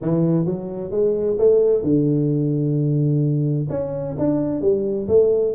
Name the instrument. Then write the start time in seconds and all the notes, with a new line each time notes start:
tuba
0.01 E3
0.45 F#3
0.90 G#3
1.38 A3
1.83 D3
3.69 C#4
4.18 D4
4.61 G3
5.08 A3